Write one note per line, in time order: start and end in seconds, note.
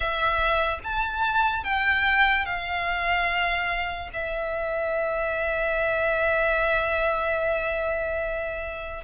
0.00 0.79 E5
0.83 1.64 A5
1.64 2.45 G5
2.45 4.09 F5
4.13 9.03 E5